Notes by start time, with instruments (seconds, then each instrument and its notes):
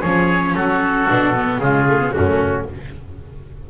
0.00 double bass F3, viola C#4, oboe G#4, trumpet C#5
0.54 double bass F#3, oboe F#4, trumpet A4
1.08 double bass B2, viola D4
1.34 viola B3
1.58 double bass C#3, viola G#3, oboe F4, trumpet G#4
1.87 viola A3
1.99 viola B3
2.12 double bass F#2, viola A3, oboe C#4, trumpet F#4